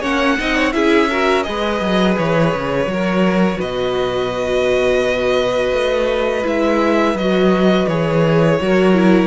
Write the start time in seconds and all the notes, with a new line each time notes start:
0.00 A#3 C#4 C#5 F#5
0.39 C4 D#4 D#5
0.56 C#5
0.73 C#4 E4 G#4 E5
1.10 F#4 A#4
1.43 G#3 G#4 B4 D#5
1.81 F#3
2.18 E3 C#5
2.55 C#3
2.86 F#3 F#4 A#4
3.58 B2 B4 D#5
5.73 A3
6.44 G#3 E4 E5
7.14 F#3 F#4 D#5
7.88 E3 G#4 C#5
8.61 F#3 F#4 A#4
8.94 E4